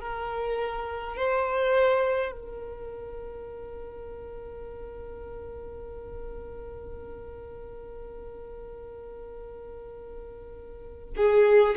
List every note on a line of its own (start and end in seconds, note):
0.00 1.17 A#4
1.17 2.32 C5
2.32 11.14 A#4
11.17 11.75 G#4